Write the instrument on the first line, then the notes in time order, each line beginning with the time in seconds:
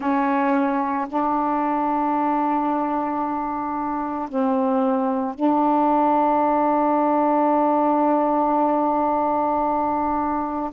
saxophone
0.00 C#4
1.08 D4
4.29 C4
5.35 D4